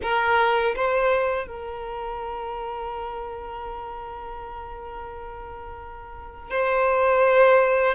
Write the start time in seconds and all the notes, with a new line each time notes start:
0.02 A#4
0.75 C5
1.47 A#4
6.50 C5